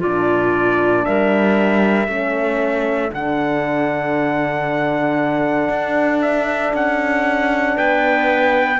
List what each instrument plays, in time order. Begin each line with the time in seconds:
0.00 cello A#2, horn D4, clarinet F4, trumpet D5
1.05 cello G3, clarinet A#4, trumpet E5
2.08 cello A3, horn C#4, clarinet A4
3.11 cello D3, horn D4, trumpet F#5
5.69 cello D4
6.22 trumpet E5
6.73 cello C#4, trumpet F#5
7.76 cello B3, clarinet B4, trumpet G5